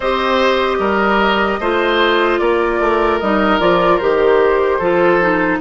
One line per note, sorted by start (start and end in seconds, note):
0.00 0.79 C4
0.00 1.62 G4
0.00 0.77 C5
0.00 2.38 D#5
0.79 1.59 G3
0.79 1.59 A#4
1.59 2.39 A3
1.59 3.22 F4
1.59 2.40 C5
2.38 2.80 A#3
2.38 4.78 A#4
2.38 3.18 D5
2.80 3.20 A3
3.19 3.60 G3
3.19 3.59 D#4
3.19 3.59 D#5
3.59 4.00 F3
3.59 3.99 F4
3.59 3.98 D5
3.98 4.79 D#3
3.98 4.81 G4
3.98 5.58 C5
4.78 5.59 F3
4.78 5.21 F4
4.78 5.58 A4
5.21 5.61 D#4